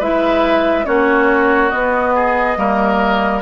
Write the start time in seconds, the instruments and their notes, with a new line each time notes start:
0.00 bassoon G#3, clarinet E4, oboe B4, flute E5
0.86 bassoon A#3, clarinet C#4, oboe F#4, flute C#5
1.70 clarinet B3, bassoon B3, flute D#5
2.15 oboe G#4
2.57 bassoon G3, clarinet A#3, oboe A#4